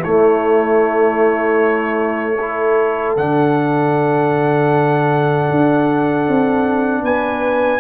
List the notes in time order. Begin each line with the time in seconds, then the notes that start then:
0.00 A3 E4 C#5
0.06 A3
2.37 E4 A4
3.17 D3 D4 F#5
5.51 D4
6.28 C4
7.03 B3 B4 G#5